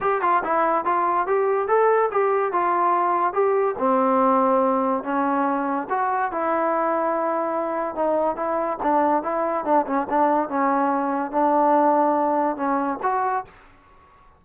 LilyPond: \new Staff \with { instrumentName = "trombone" } { \time 4/4 \tempo 4 = 143 g'8 f'8 e'4 f'4 g'4 | a'4 g'4 f'2 | g'4 c'2. | cis'2 fis'4 e'4~ |
e'2. dis'4 | e'4 d'4 e'4 d'8 cis'8 | d'4 cis'2 d'4~ | d'2 cis'4 fis'4 | }